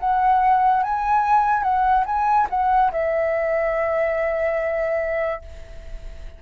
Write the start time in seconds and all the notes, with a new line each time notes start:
0.00 F#5
0.84 G#5
1.63 F#5
2.06 G#5
2.50 F#5
2.92 E5